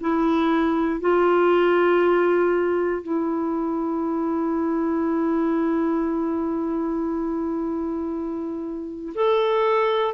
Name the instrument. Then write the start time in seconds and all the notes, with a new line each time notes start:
clarinet
0.00 E4
1.00 F4
3.03 E4
9.14 A4